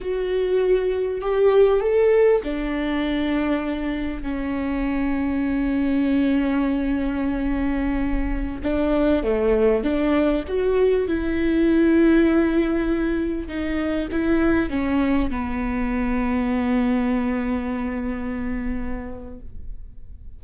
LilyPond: \new Staff \with { instrumentName = "viola" } { \time 4/4 \tempo 4 = 99 fis'2 g'4 a'4 | d'2. cis'4~ | cis'1~ | cis'2~ cis'16 d'4 a8.~ |
a16 d'4 fis'4 e'4.~ e'16~ | e'2~ e'16 dis'4 e'8.~ | e'16 cis'4 b2~ b8.~ | b1 | }